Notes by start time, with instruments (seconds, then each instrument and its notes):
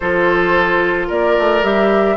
0.00 bassoon F3, clarinet F4, oboe A4, flute C5
1.07 bassoon A#3, oboe A#4, flute D5
1.38 bassoon A3
1.63 bassoon G3, clarinet G4, flute E5